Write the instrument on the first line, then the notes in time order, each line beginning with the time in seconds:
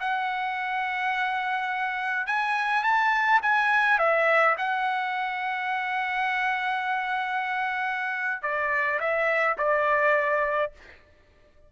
trumpet
0.00 F#5
2.27 G#5
2.83 A5
3.42 G#5
3.99 E5
4.58 F#5
8.42 D5
9.00 E5
9.58 D5